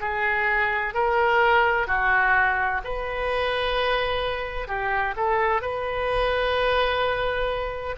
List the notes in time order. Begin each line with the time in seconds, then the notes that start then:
0.00 G#4
0.94 A#4
1.87 F#4
2.84 B4
4.67 G4
5.16 A4
5.61 B4